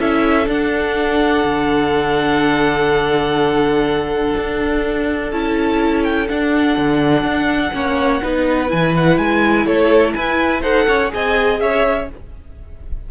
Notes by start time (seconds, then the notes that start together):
0.00 C#4 E4 A4 E5
0.46 D4 F#5
1.45 D3
4.37 D4
5.31 C#4 E4 A5
6.04 G5
6.29 D4 F#5
6.78 D3
7.23 D4
7.73 A#3 C#4 C#5
8.22 B3 D#4 B4
8.67 E3 E4 G#5
8.97 F#5
9.18 G#3 G#5
9.66 A3 A4 C#5
10.14 E4 B4 G#5
10.62 D#4 A4 C5 F#5
10.88 C#4 C#5
11.10 C4 G#4 D#5 G#5
11.60 C#4 C#5 E5